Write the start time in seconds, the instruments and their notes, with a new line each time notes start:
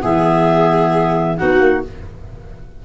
0.00 tuba E3, clarinet B3 E5, viola G#4
1.37 tuba B3, clarinet D#4 F#5, viola F#4
1.60 tuba A#3